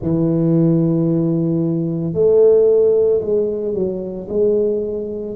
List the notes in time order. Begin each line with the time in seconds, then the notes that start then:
0.01 E3
2.13 A3
3.21 G#3
3.74 F#3
4.29 G#3